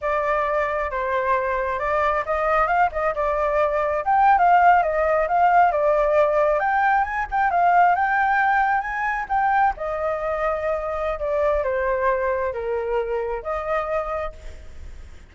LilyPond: \new Staff \with { instrumentName = "flute" } { \time 4/4 \tempo 4 = 134 d''2 c''2 | d''4 dis''4 f''8 dis''8 d''4~ | d''4 g''8. f''4 dis''4 f''16~ | f''8. d''2 g''4 gis''16~ |
gis''16 g''8 f''4 g''2 gis''16~ | gis''8. g''4 dis''2~ dis''16~ | dis''4 d''4 c''2 | ais'2 dis''2 | }